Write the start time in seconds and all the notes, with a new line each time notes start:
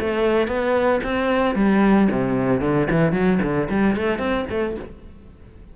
0.00 A3
0.48 B3
1.04 C4
1.55 G3
2.11 C3
2.61 D3
2.91 E3
3.13 F#3
3.42 D3
3.70 G3
3.97 A3
4.19 C4
4.50 A3